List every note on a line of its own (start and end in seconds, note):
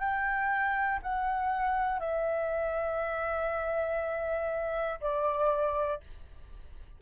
0.00 1.00 G5
1.03 2.00 F#5
2.00 5.00 E5
5.01 6.01 D5